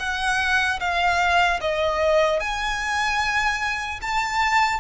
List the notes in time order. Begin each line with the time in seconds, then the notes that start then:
0.00 F#5
0.80 F5
1.61 D#5
2.40 G#5
4.02 A5